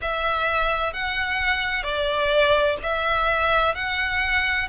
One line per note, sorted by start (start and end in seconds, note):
0.01 0.93 E5
0.93 1.83 F#5
1.83 2.77 D5
2.83 3.75 E5
3.75 4.68 F#5